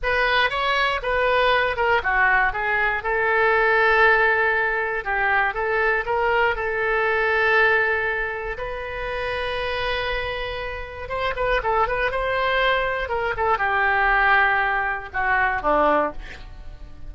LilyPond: \new Staff \with { instrumentName = "oboe" } { \time 4/4 \tempo 4 = 119 b'4 cis''4 b'4. ais'8 | fis'4 gis'4 a'2~ | a'2 g'4 a'4 | ais'4 a'2.~ |
a'4 b'2.~ | b'2 c''8 b'8 a'8 b'8 | c''2 ais'8 a'8 g'4~ | g'2 fis'4 d'4 | }